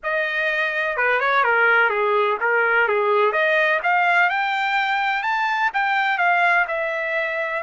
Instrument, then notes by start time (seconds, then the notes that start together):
trumpet
0.03 D#5
0.96 B4
1.19 C#5
1.43 A#4
1.89 G#4
2.40 A#4
2.88 G#4
3.32 D#5
3.83 F5
4.29 G5
5.23 A5
5.73 G5
6.18 F5
6.67 E5